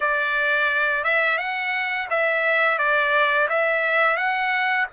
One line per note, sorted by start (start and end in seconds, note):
0.00 1.03 D5
1.04 1.38 E5
1.38 2.07 F#5
2.10 2.78 E5
2.78 3.48 D5
3.49 4.16 E5
4.16 4.86 F#5